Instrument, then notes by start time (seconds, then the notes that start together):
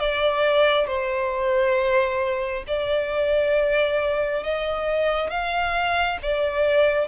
violin
0.00 D5
0.88 C5
2.68 D5
4.44 D#5
5.30 F5
6.22 D5